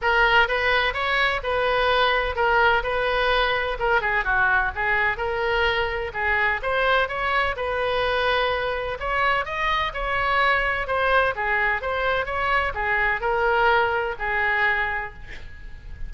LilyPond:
\new Staff \with { instrumentName = "oboe" } { \time 4/4 \tempo 4 = 127 ais'4 b'4 cis''4 b'4~ | b'4 ais'4 b'2 | ais'8 gis'8 fis'4 gis'4 ais'4~ | ais'4 gis'4 c''4 cis''4 |
b'2. cis''4 | dis''4 cis''2 c''4 | gis'4 c''4 cis''4 gis'4 | ais'2 gis'2 | }